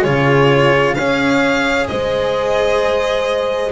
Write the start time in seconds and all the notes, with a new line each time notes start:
0.00 C#3 F4 G#4 C#5
0.95 C#4 G#4 C#5 F5
1.87 G#3 C5 D#5